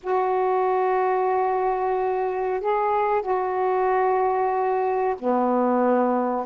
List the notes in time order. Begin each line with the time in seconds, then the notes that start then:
0.03 F#4
2.60 G#4
3.21 F#4
5.19 B3